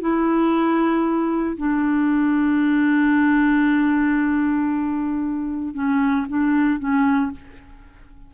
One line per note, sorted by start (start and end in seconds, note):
0.00 1.57 E4
1.57 5.74 D4
5.74 6.26 C#4
6.28 6.79 D4
6.79 7.31 C#4